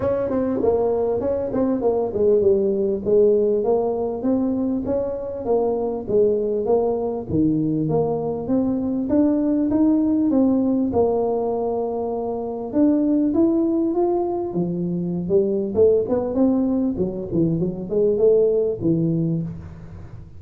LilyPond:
\new Staff \with { instrumentName = "tuba" } { \time 4/4 \tempo 4 = 99 cis'8 c'8 ais4 cis'8 c'8 ais8 gis8 | g4 gis4 ais4 c'4 | cis'4 ais4 gis4 ais4 | dis4 ais4 c'4 d'4 |
dis'4 c'4 ais2~ | ais4 d'4 e'4 f'4 | f4~ f16 g8. a8 b8 c'4 | fis8 e8 fis8 gis8 a4 e4 | }